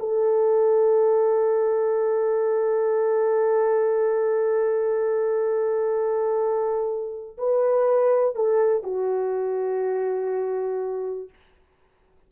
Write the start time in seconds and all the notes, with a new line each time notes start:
0.00 A4
7.38 B4
8.35 A4
8.84 F#4